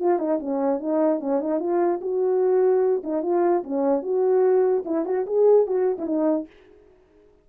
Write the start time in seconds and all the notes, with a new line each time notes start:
0.00 F4
0.19 D#4
0.40 C#4
0.80 D#4
1.21 C#4
1.41 D#4
1.60 F4
2.02 F#4
3.04 D#4
3.23 F4
3.64 C#4
4.03 F#4
4.86 E4
5.06 F#4
5.27 G#4
5.67 F#4
5.99 E4
6.07 D#4